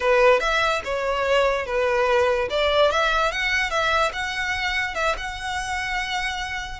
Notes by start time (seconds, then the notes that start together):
0.00 B4
0.40 E5
0.84 C#5
1.66 B4
2.50 D5
2.91 E5
3.31 F#5
3.70 E5
4.12 F#5
4.94 E5
5.17 F#5